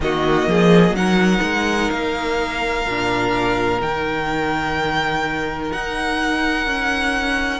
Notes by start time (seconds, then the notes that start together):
0.00 D#3 A#3 F#4 D#5
0.47 F3 G#4
0.91 F#3 D#4 A#4 F#5
1.42 G#3
1.90 A#3 F5
2.85 A#2 D4
3.81 D#3 D#4 G5
5.72 D#4 F#5
6.66 C#4